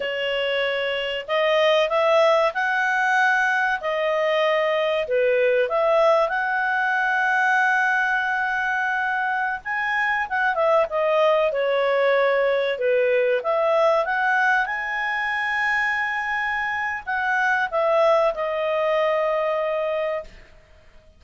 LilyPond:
\new Staff \with { instrumentName = "clarinet" } { \time 4/4 \tempo 4 = 95 cis''2 dis''4 e''4 | fis''2 dis''2 | b'4 e''4 fis''2~ | fis''2.~ fis''16 gis''8.~ |
gis''16 fis''8 e''8 dis''4 cis''4.~ cis''16~ | cis''16 b'4 e''4 fis''4 gis''8.~ | gis''2. fis''4 | e''4 dis''2. | }